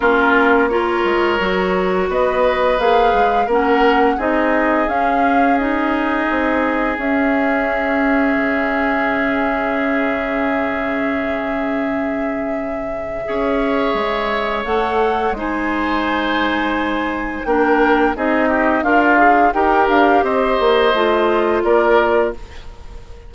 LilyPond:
<<
  \new Staff \with { instrumentName = "flute" } { \time 4/4 \tempo 4 = 86 ais'4 cis''2 dis''4 | f''4 fis''4 dis''4 f''4 | dis''2 e''2~ | e''1~ |
e''1~ | e''4 fis''4 gis''2~ | gis''4 g''4 dis''4 f''4 | g''8 f''8 dis''2 d''4 | }
  \new Staff \with { instrumentName = "oboe" } { \time 4/4 f'4 ais'2 b'4~ | b'4 ais'4 gis'2~ | gis'1~ | gis'1~ |
gis'2. cis''4~ | cis''2 c''2~ | c''4 ais'4 gis'8 g'8 f'4 | ais'4 c''2 ais'4 | }
  \new Staff \with { instrumentName = "clarinet" } { \time 4/4 cis'4 f'4 fis'2 | gis'4 cis'4 dis'4 cis'4 | dis'2 cis'2~ | cis'1~ |
cis'2. gis'4~ | gis'4 a'4 dis'2~ | dis'4 d'4 dis'4 ais'8 gis'8 | g'2 f'2 | }
  \new Staff \with { instrumentName = "bassoon" } { \time 4/4 ais4. gis8 fis4 b4 | ais8 gis8 ais4 c'4 cis'4~ | cis'4 c'4 cis'2 | cis1~ |
cis2. cis'4 | gis4 a4 gis2~ | gis4 ais4 c'4 d'4 | dis'8 d'8 c'8 ais8 a4 ais4 | }
>>